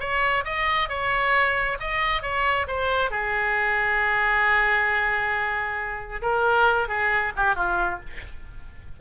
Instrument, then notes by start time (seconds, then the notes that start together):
oboe
0.00 C#5
0.45 D#5
0.89 C#5
1.80 D#5
2.23 C#5
2.68 C5
3.11 G#4
6.22 A#4
6.88 G#4
7.37 G4
7.56 F4